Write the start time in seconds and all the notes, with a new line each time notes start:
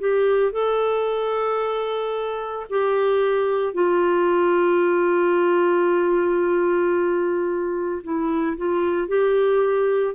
0.00 G4
0.53 A4
2.70 G4
3.74 F4
8.04 E4
8.58 F4
9.08 G4